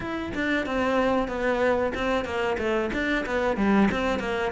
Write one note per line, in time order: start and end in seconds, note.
0.00 0.32 E4
0.34 0.66 D4
0.66 1.28 C4
1.28 1.92 B3
1.94 2.24 C4
2.24 2.57 A#3
2.58 2.90 A3
2.93 3.25 D4
3.26 3.56 B3
3.56 3.89 G3
3.91 4.19 C4
4.19 4.51 A#3